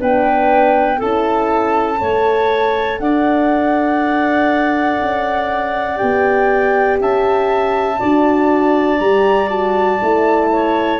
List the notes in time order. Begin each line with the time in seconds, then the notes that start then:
0.00 B3 D4 B4 G5
0.99 C#4 E4 A4 A5
1.99 A3 A4 C#5
2.99 D4 D5 F#5
5.01 C#4
5.96 G4 G5
6.02 B3
7.00 C#4 E5 A5
7.99 D4 F#4 D5
8.99 G3 G4 A#5
9.50 F#4 A5
10.02 A3 E4
10.52 C#5